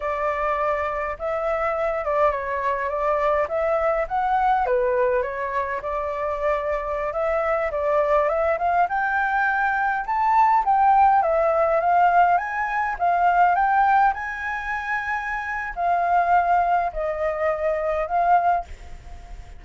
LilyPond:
\new Staff \with { instrumentName = "flute" } { \time 4/4 \tempo 4 = 103 d''2 e''4. d''8 | cis''4 d''4 e''4 fis''4 | b'4 cis''4 d''2~ | d''16 e''4 d''4 e''8 f''8 g''8.~ |
g''4~ g''16 a''4 g''4 e''8.~ | e''16 f''4 gis''4 f''4 g''8.~ | g''16 gis''2~ gis''8. f''4~ | f''4 dis''2 f''4 | }